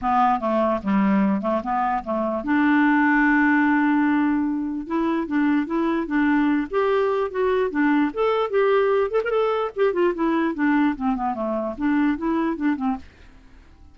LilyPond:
\new Staff \with { instrumentName = "clarinet" } { \time 4/4 \tempo 4 = 148 b4 a4 g4. a8 | b4 a4 d'2~ | d'1 | e'4 d'4 e'4 d'4~ |
d'8 g'4. fis'4 d'4 | a'4 g'4. a'16 ais'16 a'4 | g'8 f'8 e'4 d'4 c'8 b8 | a4 d'4 e'4 d'8 c'8 | }